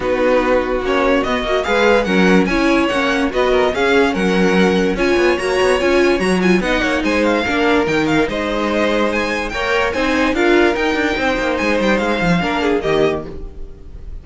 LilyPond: <<
  \new Staff \with { instrumentName = "violin" } { \time 4/4 \tempo 4 = 145 b'2 cis''4 dis''4 | f''4 fis''4 gis''4 fis''4 | dis''4 f''4 fis''2 | gis''4 ais''4 gis''4 ais''8 gis''8 |
fis''4 gis''8 f''4. g''8 f''8 | dis''2 gis''4 g''4 | gis''4 f''4 g''2 | gis''8 g''8 f''2 dis''4 | }
  \new Staff \with { instrumentName = "violin" } { \time 4/4 fis'1 | b'4 ais'4 cis''2 | b'8 ais'8 gis'4 ais'2 | cis''1 |
dis''8 cis''8 c''4 ais'2 | c''2. cis''4 | c''4 ais'2 c''4~ | c''2 ais'8 gis'8 g'4 | }
  \new Staff \with { instrumentName = "viola" } { \time 4/4 dis'2 cis'4 b8 fis'8 | gis'4 cis'4 e'4 cis'4 | fis'4 cis'2. | f'4 fis'4 f'4 fis'8 f'8 |
dis'2 d'4 dis'4~ | dis'2. ais'4 | dis'4 f'4 dis'2~ | dis'2 d'4 ais4 | }
  \new Staff \with { instrumentName = "cello" } { \time 4/4 b2 ais4 b8 ais8 | gis4 fis4 cis'4 ais4 | b4 cis'4 fis2 | cis'8 b8 ais8 b8 cis'4 fis4 |
b8 ais8 gis4 ais4 dis4 | gis2. ais4 | c'4 d'4 dis'8 d'8 c'8 ais8 | gis8 g8 gis8 f8 ais4 dis4 | }
>>